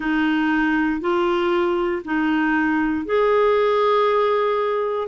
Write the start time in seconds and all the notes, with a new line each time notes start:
0.00 D#4
1.00 F4
2.04 D#4
3.05 G#4